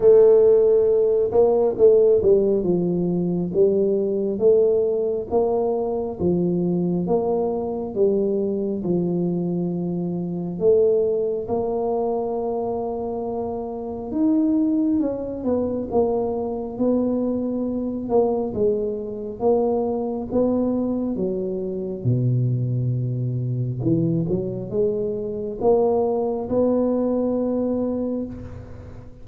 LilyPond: \new Staff \with { instrumentName = "tuba" } { \time 4/4 \tempo 4 = 68 a4. ais8 a8 g8 f4 | g4 a4 ais4 f4 | ais4 g4 f2 | a4 ais2. |
dis'4 cis'8 b8 ais4 b4~ | b8 ais8 gis4 ais4 b4 | fis4 b,2 e8 fis8 | gis4 ais4 b2 | }